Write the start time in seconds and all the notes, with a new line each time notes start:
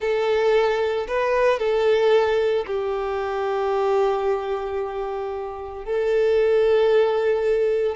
0.00 A4
1.07 B4
1.59 A4
2.66 G4
5.84 A4